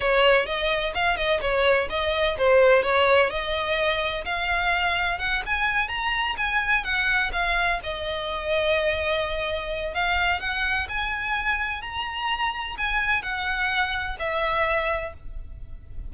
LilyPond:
\new Staff \with { instrumentName = "violin" } { \time 4/4 \tempo 4 = 127 cis''4 dis''4 f''8 dis''8 cis''4 | dis''4 c''4 cis''4 dis''4~ | dis''4 f''2 fis''8 gis''8~ | gis''8 ais''4 gis''4 fis''4 f''8~ |
f''8 dis''2.~ dis''8~ | dis''4 f''4 fis''4 gis''4~ | gis''4 ais''2 gis''4 | fis''2 e''2 | }